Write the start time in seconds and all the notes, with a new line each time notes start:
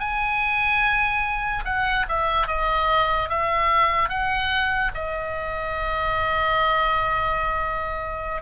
0.00 G#5
1.65 F#5
2.09 E5
2.48 D#5
3.30 E5
4.10 F#5
4.95 D#5